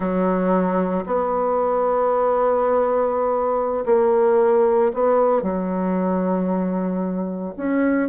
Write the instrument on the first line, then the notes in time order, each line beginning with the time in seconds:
bassoon
0.00 F#3
1.05 B3
3.85 A#3
4.93 B3
5.42 F#3
7.56 C#4